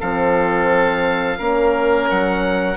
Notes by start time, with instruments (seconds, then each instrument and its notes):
0.00 bassoon F3, horn C4, oboe A4 F5
1.38 bassoon A#3, horn C#4, oboe A#4
2.10 bassoon F#3, oboe F#5